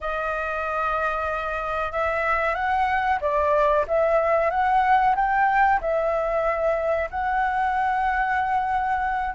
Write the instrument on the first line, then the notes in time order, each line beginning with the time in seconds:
flute
0.01 D#5
1.92 E5
2.55 F#5
3.21 D5
3.87 E5
4.50 F#5
5.15 G5
5.80 E5
7.10 F#5